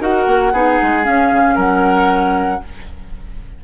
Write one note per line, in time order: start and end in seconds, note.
0.00 0.26 D#4
0.00 0.53 F#4
0.00 0.53 A#4
0.00 1.05 F#5
0.27 0.52 A#3
0.52 0.79 B3
0.52 1.04 D#4
0.52 1.55 G#4
0.82 1.07 G#3
1.04 2.62 C#4
1.04 1.32 C#4
1.04 1.58 F5
1.32 1.56 C#3
1.55 2.62 F#3
1.55 2.60 A#4
1.55 2.65 F#5